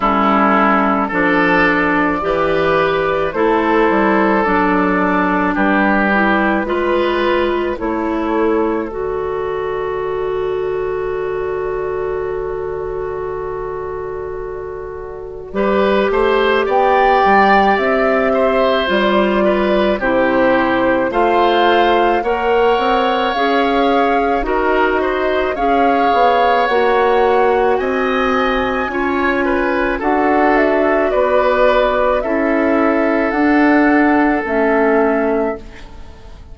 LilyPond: <<
  \new Staff \with { instrumentName = "flute" } { \time 4/4 \tempo 4 = 54 a'4 d''2 c''4 | d''4 b'2 cis''4 | d''1~ | d''2. g''4 |
e''4 d''4 c''4 f''4 | fis''4 f''4 dis''4 f''4 | fis''4 gis''2 fis''8 e''8 | d''4 e''4 fis''4 e''4 | }
  \new Staff \with { instrumentName = "oboe" } { \time 4/4 e'4 a'4 b'4 a'4~ | a'4 g'4 b'4 a'4~ | a'1~ | a'2 b'8 c''8 d''4~ |
d''8 c''4 b'8 g'4 c''4 | cis''2 ais'8 c''8 cis''4~ | cis''4 dis''4 cis''8 b'8 a'4 | b'4 a'2. | }
  \new Staff \with { instrumentName = "clarinet" } { \time 4/4 cis'4 d'4 g'4 e'4 | d'4. e'8 f'4 e'4 | fis'1~ | fis'2 g'2~ |
g'4 f'4 e'4 f'4 | ais'4 gis'4 fis'4 gis'4 | fis'2 f'4 fis'4~ | fis'4 e'4 d'4 cis'4 | }
  \new Staff \with { instrumentName = "bassoon" } { \time 4/4 g4 f4 e4 a8 g8 | fis4 g4 gis4 a4 | d1~ | d2 g8 a8 b8 g8 |
c'4 g4 c4 a4 | ais8 c'8 cis'4 dis'4 cis'8 b8 | ais4 c'4 cis'4 d'4 | b4 cis'4 d'4 a4 | }
>>